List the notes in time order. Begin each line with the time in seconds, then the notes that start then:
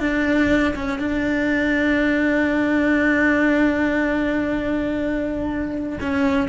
0.00 D4
0.76 C#4
1.00 D4
6.01 C#4